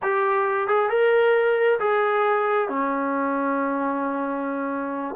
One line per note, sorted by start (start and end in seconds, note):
0.02 0.67 G4
0.67 0.89 G#4
0.89 1.79 A#4
1.79 2.68 G#4
2.68 5.15 C#4